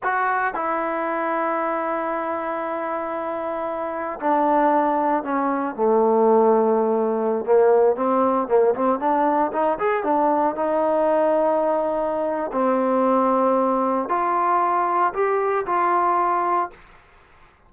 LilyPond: \new Staff \with { instrumentName = "trombone" } { \time 4/4 \tempo 4 = 115 fis'4 e'2.~ | e'1 | d'2 cis'4 a4~ | a2~ a16 ais4 c'8.~ |
c'16 ais8 c'8 d'4 dis'8 gis'8 d'8.~ | d'16 dis'2.~ dis'8. | c'2. f'4~ | f'4 g'4 f'2 | }